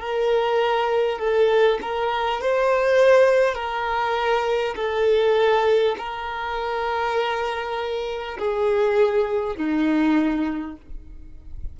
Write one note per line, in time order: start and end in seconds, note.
0.00 1.19 A#4
1.19 1.79 A4
1.81 2.41 A#4
2.41 3.55 C5
3.55 4.75 A#4
4.76 5.96 A4
5.98 8.38 A#4
8.38 9.56 G#4
9.56 10.76 D#4